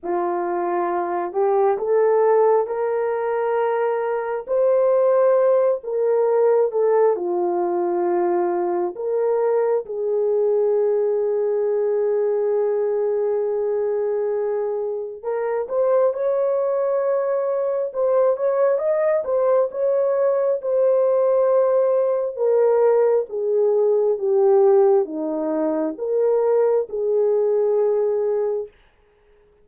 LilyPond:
\new Staff \with { instrumentName = "horn" } { \time 4/4 \tempo 4 = 67 f'4. g'8 a'4 ais'4~ | ais'4 c''4. ais'4 a'8 | f'2 ais'4 gis'4~ | gis'1~ |
gis'4 ais'8 c''8 cis''2 | c''8 cis''8 dis''8 c''8 cis''4 c''4~ | c''4 ais'4 gis'4 g'4 | dis'4 ais'4 gis'2 | }